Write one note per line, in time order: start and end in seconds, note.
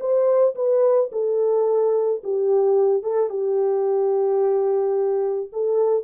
0.00 0.55 C5
0.55 1.10 B4
1.12 2.22 A4
2.24 3.03 G4
3.03 3.30 A4
3.30 5.50 G4
5.53 6.04 A4